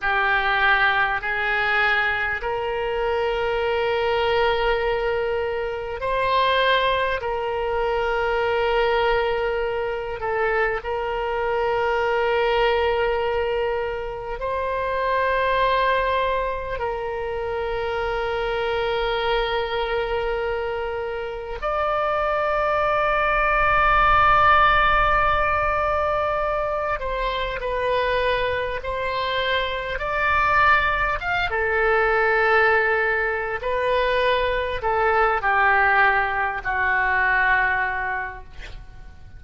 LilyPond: \new Staff \with { instrumentName = "oboe" } { \time 4/4 \tempo 4 = 50 g'4 gis'4 ais'2~ | ais'4 c''4 ais'2~ | ais'8 a'8 ais'2. | c''2 ais'2~ |
ais'2 d''2~ | d''2~ d''8 c''8 b'4 | c''4 d''4 f''16 a'4.~ a'16 | b'4 a'8 g'4 fis'4. | }